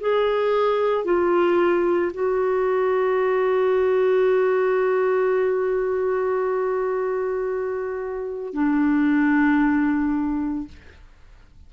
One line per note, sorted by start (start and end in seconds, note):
0.00 1.05 G#4
1.05 2.12 F4
2.13 8.53 F#4
8.53 10.68 D4